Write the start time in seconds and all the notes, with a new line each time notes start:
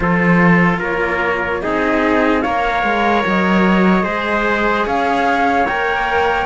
0.00 F3 F4 A4 C5
0.79 A#3 A#4 C#5
1.61 C4 D#4 G#4 D#5
2.41 A#3 A#4 C#5 F5
2.83 G#3
3.26 F#3 D#5
4.03 G#3 G#4 C5
4.86 C#4 C#5 F5
5.66 A#3 A#4 G5